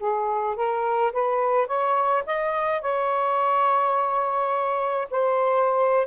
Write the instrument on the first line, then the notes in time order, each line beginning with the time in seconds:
saxophone
0.00 G#4
0.56 A#4
1.13 B4
1.67 C#5
2.27 D#5
2.81 C#5
5.11 C5